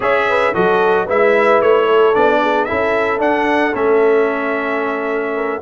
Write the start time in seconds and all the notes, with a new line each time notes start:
0.00 C#4 G#4 C#5 E5
0.29 B4
0.54 F#3 F#4 A4 D#5
1.05 G#3 E4 B4 E5
1.61 A3 C#5
1.85 A4
2.14 B3 D4 D5
2.41 G#4
2.64 E4 A4 E5
2.71 C#4
3.18 D4 F#5
3.73 A3 C#4 E5
5.35 A#4